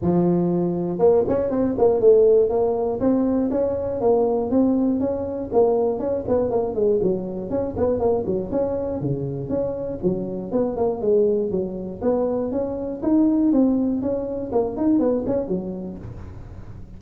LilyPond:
\new Staff \with { instrumentName = "tuba" } { \time 4/4 \tempo 4 = 120 f2 ais8 cis'8 c'8 ais8 | a4 ais4 c'4 cis'4 | ais4 c'4 cis'4 ais4 | cis'8 b8 ais8 gis8 fis4 cis'8 b8 |
ais8 fis8 cis'4 cis4 cis'4 | fis4 b8 ais8 gis4 fis4 | b4 cis'4 dis'4 c'4 | cis'4 ais8 dis'8 b8 cis'8 fis4 | }